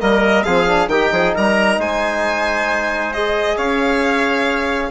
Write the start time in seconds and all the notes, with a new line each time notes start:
0.00 G3 A#3 A#4 D#5
0.44 F3 C4 G#4 F5
0.67 D4
0.88 D#3 D#4 G4 G5
1.12 F3 G#4
1.35 G3 A#4 A#5
1.78 G#3 C5 G#5
3.13 G#4 D#5
3.57 C#4 C#5 F5